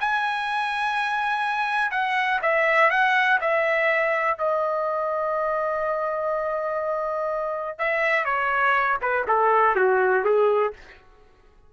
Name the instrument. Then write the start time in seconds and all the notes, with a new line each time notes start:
trumpet
0.00 G#5
1.91 F#5
2.42 E5
2.90 F#5
3.41 E5
4.38 D#5
7.79 E5
8.25 C#5
9.02 B4
9.27 A4
9.76 F#4
10.25 G#4